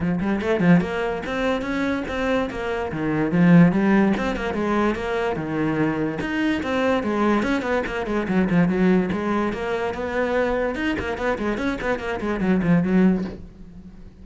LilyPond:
\new Staff \with { instrumentName = "cello" } { \time 4/4 \tempo 4 = 145 f8 g8 a8 f8 ais4 c'4 | cis'4 c'4 ais4 dis4 | f4 g4 c'8 ais8 gis4 | ais4 dis2 dis'4 |
c'4 gis4 cis'8 b8 ais8 gis8 | fis8 f8 fis4 gis4 ais4 | b2 dis'8 ais8 b8 gis8 | cis'8 b8 ais8 gis8 fis8 f8 fis4 | }